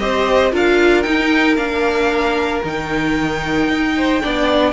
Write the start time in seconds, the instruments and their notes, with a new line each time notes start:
0.00 cello C4, viola G4, violin C5 D#5
0.52 cello D4, viola F4, violin A#4 F5
1.03 viola D#4, cello D#4, violin G5
1.57 cello A#3, viola D4, violin F5
2.64 cello D#3, viola D#4, violin G5
3.69 cello D#4
3.97 violin C5
4.22 cello B3, viola D4, violin D5